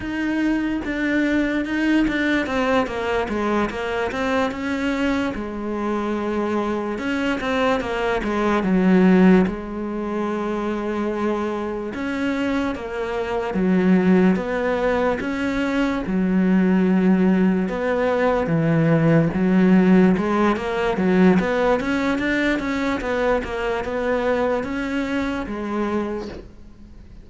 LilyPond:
\new Staff \with { instrumentName = "cello" } { \time 4/4 \tempo 4 = 73 dis'4 d'4 dis'8 d'8 c'8 ais8 | gis8 ais8 c'8 cis'4 gis4.~ | gis8 cis'8 c'8 ais8 gis8 fis4 gis8~ | gis2~ gis8 cis'4 ais8~ |
ais8 fis4 b4 cis'4 fis8~ | fis4. b4 e4 fis8~ | fis8 gis8 ais8 fis8 b8 cis'8 d'8 cis'8 | b8 ais8 b4 cis'4 gis4 | }